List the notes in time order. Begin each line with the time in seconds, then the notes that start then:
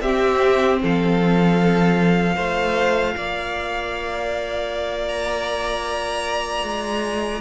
0.00 C4 G4 E5
0.81 F3 A4 F5
2.35 A3 F4 C5
3.17 A#3 D5
5.08 A#5
6.63 G#3